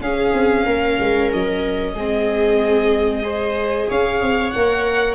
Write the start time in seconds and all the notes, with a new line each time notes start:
0.00 C#4 G#4 F5
0.33 C4
0.65 A#3 A#4
0.99 G#3
1.32 F#3 D#5
1.94 G#3 C4 G#4
3.23 G#4 C5
3.89 C#4 C#5 F5
4.21 C4
4.50 A#3 A#4 F#5